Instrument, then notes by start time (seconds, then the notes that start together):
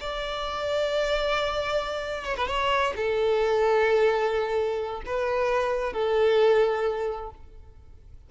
violin
0.00 D5
2.24 C#5
2.36 B4
2.47 C#5
2.96 A4
5.06 B4
5.93 A4